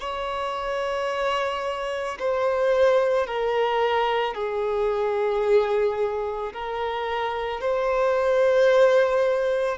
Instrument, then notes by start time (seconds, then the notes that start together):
violin
0.00 C#5
2.20 C5
3.27 A#4
4.35 G#4
6.54 A#4
7.61 C5